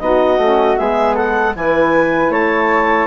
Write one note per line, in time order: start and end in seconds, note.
0.00 0.38 B3
0.00 0.39 D#4
0.00 0.80 F#4
0.00 0.77 D#5
0.38 0.76 A3
0.38 0.76 C#4
0.76 1.56 G#3
0.76 1.53 B3
0.76 1.15 G#4
0.76 1.16 E5
1.15 1.54 A4
1.15 1.55 F#5
1.56 2.30 E3
1.56 3.07 E4
1.56 2.32 B4
1.56 2.32 G#5
2.30 3.07 A3
2.30 3.07 C#5
2.30 3.07 A5